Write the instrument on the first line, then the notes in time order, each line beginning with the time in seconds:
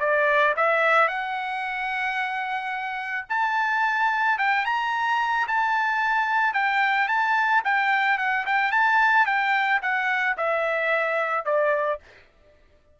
trumpet
0.00 D5
0.57 E5
1.08 F#5
3.29 A5
4.38 G5
4.65 A#5
5.48 A5
6.54 G5
7.08 A5
7.65 G5
8.18 F#5
8.46 G5
8.72 A5
9.26 G5
9.82 F#5
10.38 E5
11.45 D5